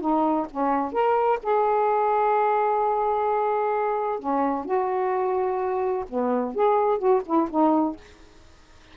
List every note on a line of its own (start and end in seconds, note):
0.00 0.47 D#4
0.51 0.92 C#4
0.92 1.39 A#4
1.42 4.19 G#4
4.19 4.65 C#4
4.65 6.05 F#4
6.09 6.55 B3
6.55 6.98 G#4
6.98 7.22 F#4
7.25 7.49 E4
7.50 7.96 D#4